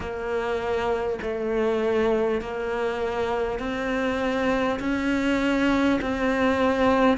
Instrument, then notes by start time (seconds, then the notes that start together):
cello
0.00 A#3
1.22 A3
2.41 A#3
3.59 C4
4.79 C#4
6.01 C4